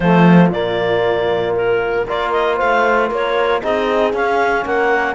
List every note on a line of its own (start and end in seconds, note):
0.00 0.49 F3
0.00 0.52 A3
0.00 2.05 F4
0.00 0.50 C5
0.49 2.05 A#2
0.49 2.07 A#3
0.49 1.55 D5
1.55 2.07 A#4
2.05 2.60 A#3
2.05 3.62 F4
2.05 2.56 A#4
2.05 2.31 D5
2.31 2.57 D#5
2.56 3.10 A3
2.56 3.07 C5
2.56 3.09 F5
3.08 3.62 A#3
3.08 3.59 A#4
3.08 3.62 C#5
3.62 4.13 C4
3.62 4.13 D#4
3.62 4.65 G#4
3.62 4.14 D#5
4.13 4.64 C#4
4.13 5.15 C#4
4.13 4.65 F5
4.65 5.15 A#3
4.65 5.15 A#4
4.65 5.15 F#5